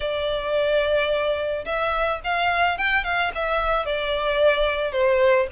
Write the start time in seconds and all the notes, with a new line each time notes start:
0.00 D5
1.65 E5
2.23 F5
2.77 G5
3.04 F5
3.35 E5
3.85 D5
4.92 C5